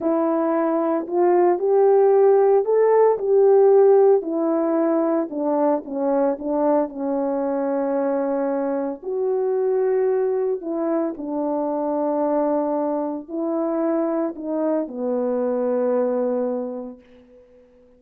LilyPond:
\new Staff \with { instrumentName = "horn" } { \time 4/4 \tempo 4 = 113 e'2 f'4 g'4~ | g'4 a'4 g'2 | e'2 d'4 cis'4 | d'4 cis'2.~ |
cis'4 fis'2. | e'4 d'2.~ | d'4 e'2 dis'4 | b1 | }